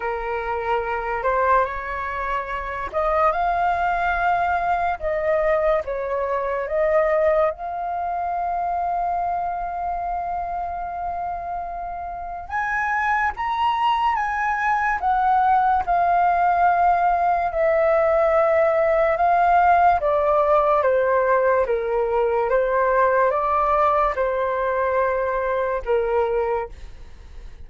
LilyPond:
\new Staff \with { instrumentName = "flute" } { \time 4/4 \tempo 4 = 72 ais'4. c''8 cis''4. dis''8 | f''2 dis''4 cis''4 | dis''4 f''2.~ | f''2. gis''4 |
ais''4 gis''4 fis''4 f''4~ | f''4 e''2 f''4 | d''4 c''4 ais'4 c''4 | d''4 c''2 ais'4 | }